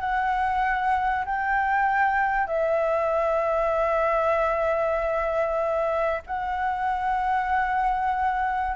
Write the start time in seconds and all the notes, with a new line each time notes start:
0.00 F#5
1.25 G5
2.47 E5
6.27 F#5